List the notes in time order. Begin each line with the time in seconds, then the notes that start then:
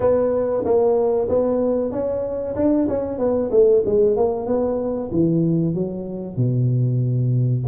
0.00 B3
0.64 A#3
1.28 B3
1.91 C#4
2.55 D4
2.88 C#4
3.18 B3
3.50 A3
3.85 G#3
4.16 A#3
4.46 B3
5.11 E3
5.74 F#3
6.36 B2